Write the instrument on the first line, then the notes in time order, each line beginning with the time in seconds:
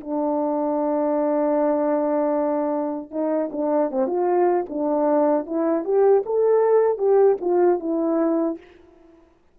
horn
0.00 D4
3.11 D#4
3.51 D4
3.90 C4
4.06 F4
4.69 D4
5.45 E4
5.84 G4
6.25 A4
6.98 G4
7.40 F4
7.79 E4